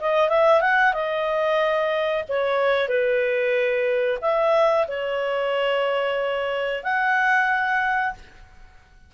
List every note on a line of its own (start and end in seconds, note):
0.00 0.29 D#5
0.29 0.61 E5
0.61 0.93 F#5
0.93 2.24 D#5
2.29 2.88 C#5
2.88 4.19 B4
4.22 4.87 E5
4.88 6.83 C#5
6.83 8.14 F#5